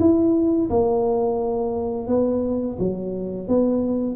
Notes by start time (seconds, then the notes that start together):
0.00 E4
0.70 A#3
2.08 B3
2.79 F#3
3.48 B3